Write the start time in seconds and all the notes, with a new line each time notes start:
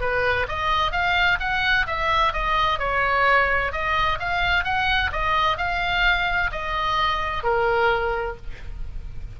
0.00 B4
0.48 D#5
0.92 F5
1.39 F#5
1.86 E5
2.33 D#5
2.79 C#5
3.72 D#5
4.19 F5
4.64 F#5
5.12 D#5
5.57 F5
6.52 D#5
7.43 A#4